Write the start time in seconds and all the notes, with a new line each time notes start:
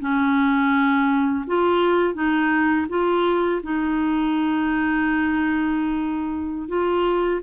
0.00 C#4
1.47 F4
2.14 D#4
2.89 F4
3.63 D#4
6.68 F4